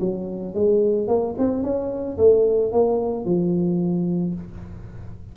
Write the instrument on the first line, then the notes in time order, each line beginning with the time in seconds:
tuba
0.00 F#3
0.54 G#3
1.08 A#3
1.38 C4
1.63 C#4
2.18 A3
2.72 A#3
3.25 F3